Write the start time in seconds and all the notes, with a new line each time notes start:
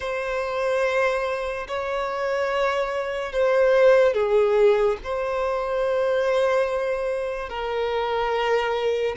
0.00 C5
1.67 C#5
3.32 C5
4.13 G#4
5.03 C5
7.48 A#4